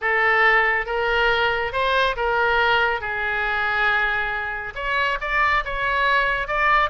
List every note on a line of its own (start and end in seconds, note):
0.01 0.86 A4
0.86 1.72 A#4
1.72 2.15 C5
2.16 3.00 A#4
3.00 4.73 G#4
4.75 5.18 C#5
5.20 5.64 D5
5.64 6.47 C#5
6.47 6.90 D5